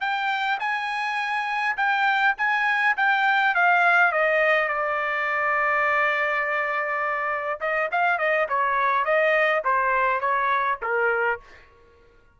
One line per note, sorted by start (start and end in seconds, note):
0.00 0.58 G5
0.59 1.76 G#5
1.77 2.35 G5
2.38 2.96 G#5
2.97 3.55 G5
3.55 4.12 F5
4.12 4.68 D#5
4.68 7.59 D5
7.60 7.89 D#5
7.91 8.18 F5
8.18 8.47 D#5
8.49 9.05 C#5
9.05 9.63 D#5
9.64 10.20 C5
10.20 10.78 C#5
10.82 11.40 A#4